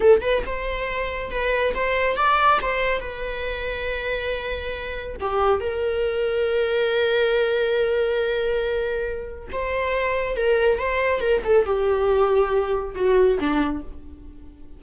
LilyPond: \new Staff \with { instrumentName = "viola" } { \time 4/4 \tempo 4 = 139 a'8 b'8 c''2 b'4 | c''4 d''4 c''4 b'4~ | b'1 | g'4 ais'2.~ |
ais'1~ | ais'2 c''2 | ais'4 c''4 ais'8 a'8 g'4~ | g'2 fis'4 d'4 | }